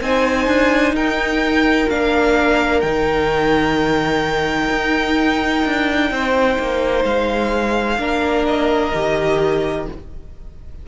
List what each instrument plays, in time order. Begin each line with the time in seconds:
0.00 cello C4, viola D#4, violin C5 G#5
0.47 cello D4
0.92 cello D#4, violin A#4 G5
1.89 cello A#3, viola D4, violin F5
2.80 cello D#3, viola D#4, violin G5
4.71 cello D#4
5.65 cello D4
6.10 cello C4, violin C5
6.58 cello A#3
7.04 cello G#3, violin F5
7.98 cello A#3, viola D4, violin A#4
8.46 violin D#5
8.94 cello D#3, viola G4